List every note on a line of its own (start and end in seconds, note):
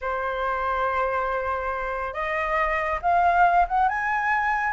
0.01 2.13 C5
2.13 2.99 D#5
3.02 3.67 F5
3.68 3.88 F#5
3.88 4.73 G#5